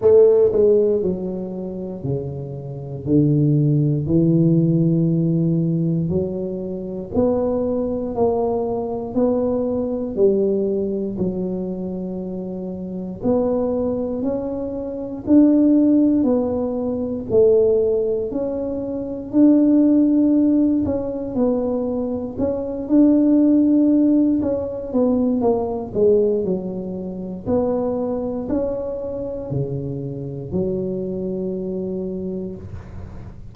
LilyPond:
\new Staff \with { instrumentName = "tuba" } { \time 4/4 \tempo 4 = 59 a8 gis8 fis4 cis4 d4 | e2 fis4 b4 | ais4 b4 g4 fis4~ | fis4 b4 cis'4 d'4 |
b4 a4 cis'4 d'4~ | d'8 cis'8 b4 cis'8 d'4. | cis'8 b8 ais8 gis8 fis4 b4 | cis'4 cis4 fis2 | }